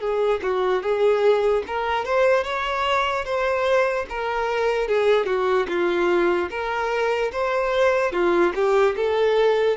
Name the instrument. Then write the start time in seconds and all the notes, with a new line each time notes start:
violin
0.00 G#4
0.42 F#4
0.82 G#4
1.67 A#4
2.05 C5
2.44 C#5
3.25 C5
4.09 A#4
4.88 G#4
5.26 F#4
5.68 F4
6.50 A#4
7.32 C5
8.12 F4
8.55 G4
8.96 A4